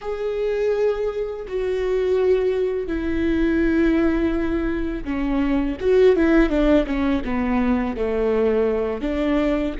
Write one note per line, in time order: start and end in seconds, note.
0.01 1.46 G#4
1.47 2.87 F#4
2.87 5.04 E4
5.04 5.76 C#4
5.80 6.15 F#4
6.15 6.49 E4
6.49 6.85 D4
6.86 7.22 C#4
7.24 7.96 B3
7.96 9.01 A3
9.01 9.73 D4